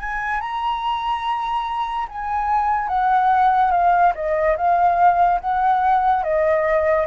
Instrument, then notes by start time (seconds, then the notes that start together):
flute
0.00 G#5
0.41 A#5
2.09 G#5
2.89 F#5
3.72 F5
4.16 D#5
4.57 F5
5.41 F#5
6.24 D#5